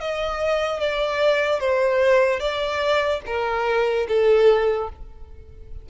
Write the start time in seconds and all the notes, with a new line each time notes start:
0.00 D#5
0.80 D5
1.60 C5
2.40 D5
3.26 A#4
4.08 A4